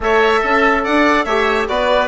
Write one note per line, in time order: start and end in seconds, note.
0.00 0.41 A3
0.00 1.26 A4
0.00 0.40 C#5
0.00 0.84 E5
0.40 0.85 C#4
0.40 0.82 A4
0.83 1.25 D4
0.83 1.25 D5
0.83 1.24 F#5
1.24 1.67 A3
1.24 1.68 G4
1.24 1.67 C#5
1.24 1.66 E5
1.68 2.08 B3
1.68 2.08 F#4
1.68 2.08 B4
1.68 2.08 D5